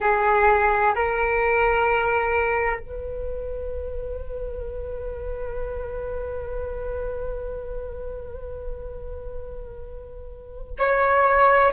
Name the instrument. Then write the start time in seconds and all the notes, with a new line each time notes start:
flute
0.00 G#4
0.95 A#4
2.79 B4
10.78 C#5